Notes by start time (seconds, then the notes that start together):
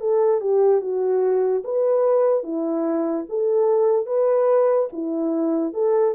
0.00 A4
0.40 G4
0.81 F#4
1.64 B4
2.43 E4
3.29 A4
4.06 B4
4.92 E4
5.73 A4